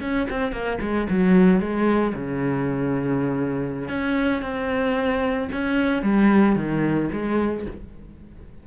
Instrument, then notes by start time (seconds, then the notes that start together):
cello
0.00 C#4
0.30 C4
0.52 A#3
0.80 G#3
1.09 F#3
1.59 G#3
2.15 C#3
3.89 C#4
4.41 C4
5.52 C#4
6.02 G3
6.55 D#3
7.12 G#3